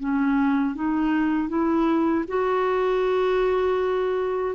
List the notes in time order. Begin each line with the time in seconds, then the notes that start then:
0.00 C#4
0.75 D#4
1.48 E4
2.28 F#4